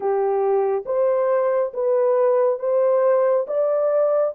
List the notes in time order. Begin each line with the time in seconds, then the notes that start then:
0.00 G4
0.85 C5
1.73 B4
2.59 C5
3.47 D5